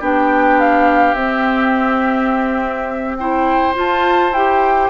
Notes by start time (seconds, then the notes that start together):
0.00 B3 D4 G4 G5
0.60 F5
1.14 C4 E5
3.17 E4 C5 G5
3.75 F4 A5
4.32 E4 G4 G5